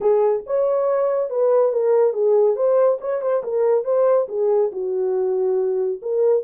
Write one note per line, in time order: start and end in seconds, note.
0.00 0.43 G#4
0.46 1.30 C#5
1.30 1.71 B4
1.71 2.13 A#4
2.13 2.55 G#4
2.55 2.98 C5
3.00 3.21 C#5
3.21 3.43 C5
3.43 3.84 A#4
3.84 4.27 C5
4.28 4.71 G#4
4.72 6.00 F#4
6.02 6.43 A#4